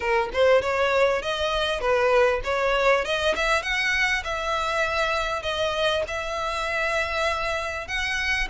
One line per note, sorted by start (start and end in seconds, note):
0.00 0.29 A#4
0.33 0.61 C5
0.61 1.21 C#5
1.21 1.80 D#5
1.80 2.40 B4
2.44 3.04 C#5
3.04 3.35 D#5
3.35 3.62 E5
3.62 4.23 F#5
4.24 5.42 E5
5.42 6.03 D#5
6.07 7.87 E5
7.87 8.48 F#5